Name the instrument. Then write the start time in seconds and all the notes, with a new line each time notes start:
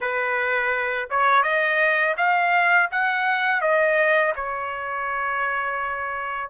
trumpet
0.00 B4
1.09 C#5
1.42 D#5
2.17 F5
2.91 F#5
3.61 D#5
4.35 C#5